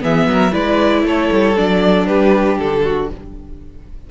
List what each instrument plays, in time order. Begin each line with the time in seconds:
0.00 cello E3, viola B3, violin G#4 E5
0.26 cello F#3, violin A#4
0.51 cello G#3, viola E4, violin B4 D5
1.04 cello A3, violin A4 C#5
1.32 cello G3
1.56 cello F#3, viola D4, violin D5
2.06 cello G3, violin G4 B4
2.58 cello D3, violin A4
2.84 violin F#4